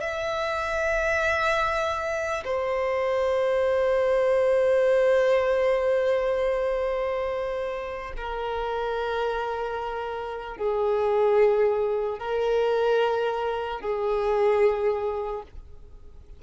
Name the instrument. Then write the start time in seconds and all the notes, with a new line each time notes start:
violin
0.00 E5
2.44 C5
8.16 A#4
10.57 G#4
12.18 A#4
13.81 G#4